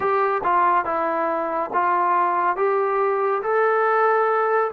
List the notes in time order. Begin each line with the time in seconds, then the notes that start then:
0.00 G4
0.43 F4
0.84 E4
1.73 F4
2.56 G4
3.42 A4